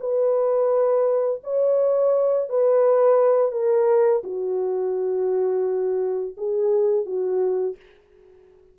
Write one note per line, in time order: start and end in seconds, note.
0.00 1.41 B4
1.43 2.49 C#5
2.49 3.52 B4
3.52 4.22 A#4
4.24 6.35 F#4
6.37 7.06 G#4
7.06 7.76 F#4